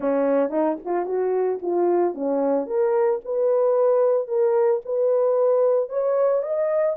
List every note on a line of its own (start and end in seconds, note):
0.00 0.49 C#4
0.49 0.76 D#4
0.84 1.05 F4
1.05 1.59 F#4
1.62 2.14 F4
2.14 2.66 C#4
2.66 3.20 A#4
3.24 4.27 B4
4.27 4.81 A#4
4.85 5.89 B4
5.89 6.42 C#5
6.42 6.96 D#5